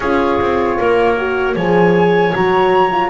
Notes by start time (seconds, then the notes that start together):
0.00 C#4 F4 G#4 C#5
0.39 C4
0.78 A#3 A#4
1.17 F#4
1.54 F3 G#4 C#5 G#5
2.31 F#3 F#4 A#5
2.91 F4